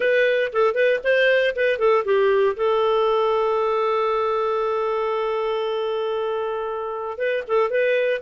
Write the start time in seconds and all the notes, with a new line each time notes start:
0.00 B4
0.53 A4
0.74 B4
1.03 C5
1.55 B4
1.79 A4
2.04 G4
2.56 A4
7.17 B4
7.47 A4
7.69 B4